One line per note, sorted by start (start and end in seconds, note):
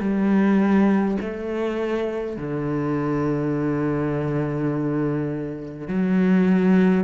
0.00 1.18 G3
1.20 2.37 A3
2.37 5.88 D3
5.88 7.04 F#3